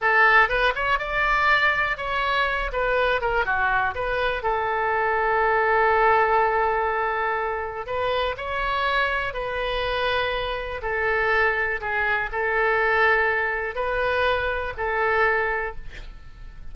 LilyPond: \new Staff \with { instrumentName = "oboe" } { \time 4/4 \tempo 4 = 122 a'4 b'8 cis''8 d''2 | cis''4. b'4 ais'8 fis'4 | b'4 a'2.~ | a'1 |
b'4 cis''2 b'4~ | b'2 a'2 | gis'4 a'2. | b'2 a'2 | }